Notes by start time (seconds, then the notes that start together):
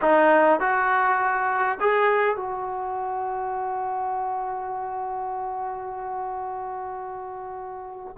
0.01 D#4
0.59 F#4
1.80 G#4
2.36 F#4